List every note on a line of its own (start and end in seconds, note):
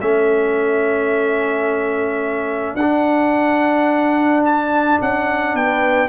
0.00 2.74 A3
0.00 2.79 C#4
0.00 5.53 A4
0.00 2.75 E5
2.74 4.96 D4
2.74 4.42 F#5
2.80 6.08 D4
4.45 5.00 A5
5.01 5.54 C#4
5.01 5.56 F#5
5.53 6.08 B3
5.53 6.08 B4
5.53 6.08 G5